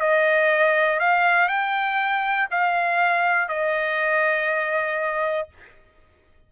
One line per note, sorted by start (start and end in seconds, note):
0.00 1.00 D#5
1.00 1.48 F5
1.48 2.48 G5
2.51 3.48 F5
3.48 5.48 D#5